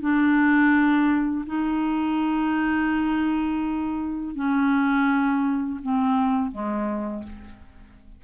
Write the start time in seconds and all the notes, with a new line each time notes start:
0.00 D4
1.46 D#4
4.35 C#4
5.82 C4
6.51 G#3